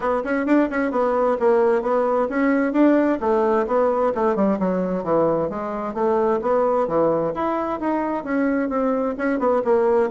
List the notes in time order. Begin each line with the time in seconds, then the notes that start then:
0.00 B3
0.24 C#4
0.46 D4
0.70 C#4
0.91 B3
1.39 A#3
1.82 B3
2.29 C#4
2.73 D4
3.20 A3
3.66 B3
4.15 A3
4.35 G3
4.59 F#3
5.03 E3
5.49 G#3
5.94 A3
6.41 B3
6.87 E3
7.34 E4
7.80 D#4
8.24 C#4
8.69 C4
9.18 C#4
9.39 B3
9.64 A#3